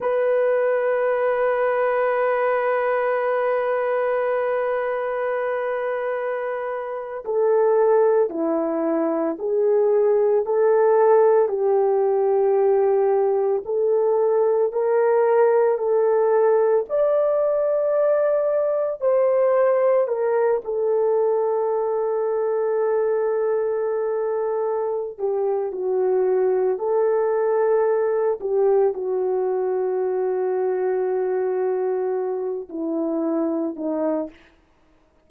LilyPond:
\new Staff \with { instrumentName = "horn" } { \time 4/4 \tempo 4 = 56 b'1~ | b'2~ b'8. a'4 e'16~ | e'8. gis'4 a'4 g'4~ g'16~ | g'8. a'4 ais'4 a'4 d''16~ |
d''4.~ d''16 c''4 ais'8 a'8.~ | a'2.~ a'8 g'8 | fis'4 a'4. g'8 fis'4~ | fis'2~ fis'8 e'4 dis'8 | }